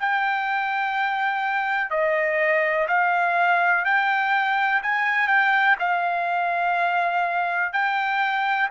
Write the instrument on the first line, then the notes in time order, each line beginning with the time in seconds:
trumpet
0.00 G5
1.90 D#5
2.88 F5
3.85 G5
4.83 G#5
5.28 G5
5.79 F5
7.73 G5